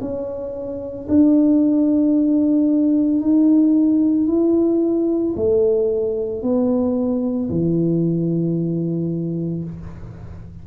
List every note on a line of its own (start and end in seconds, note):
0.00 1.07 C#4
1.08 3.20 D4
3.20 4.27 D#4
4.27 5.34 E4
5.36 6.42 A3
6.42 7.49 B3
7.50 9.64 E3